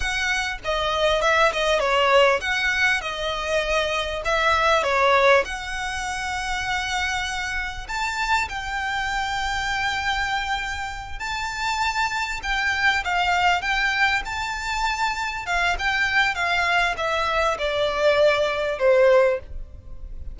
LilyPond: \new Staff \with { instrumentName = "violin" } { \time 4/4 \tempo 4 = 99 fis''4 dis''4 e''8 dis''8 cis''4 | fis''4 dis''2 e''4 | cis''4 fis''2.~ | fis''4 a''4 g''2~ |
g''2~ g''8 a''4.~ | a''8 g''4 f''4 g''4 a''8~ | a''4. f''8 g''4 f''4 | e''4 d''2 c''4 | }